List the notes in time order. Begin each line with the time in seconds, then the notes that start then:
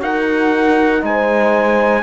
0.00 D#4 F#4 A#4 F#5
1.01 G#3 D#4 C5 G#5